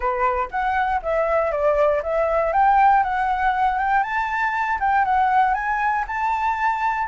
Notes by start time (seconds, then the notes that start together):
0.00 B4
0.50 F#5
1.02 E5
1.51 D5
2.03 E5
2.52 G5
3.03 F#5
3.78 G5
4.03 A5
4.79 G5
5.04 F#5
5.54 G#5
6.07 A5